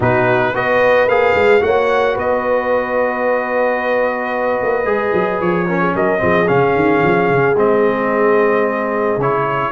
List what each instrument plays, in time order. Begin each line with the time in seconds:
0.00 tuba B2, trombone D#4, horn F#4, trumpet B4
0.53 tuba B3, trombone F#4, horn B4, trumpet D#5
1.07 tuba A#3, trombone G#4, trumpet F5
1.34 tuba G#3
1.61 tuba A#3, trombone F#4, horn C#5, trumpet F#5
2.14 tuba B3, horn B4, trumpet D#5
4.62 tuba A#3
4.84 tuba G#3, trombone G#4
5.13 tuba F#3
5.40 tuba F3, trumpet C#5
5.67 trombone C#4, horn A#4
5.80 horn G#4
5.95 tuba F#3, horn A#4, trumpet D#5
6.18 tuba F3, trombone C4, horn G#4
6.47 tuba C#3, trombone C#4, trumpet F5
6.75 tuba D#3
7.03 tuba F3
7.29 tuba C#3
7.55 tuba G#3, trombone C4, trumpet D#5
9.17 tuba C#3, trombone E4, trumpet C#5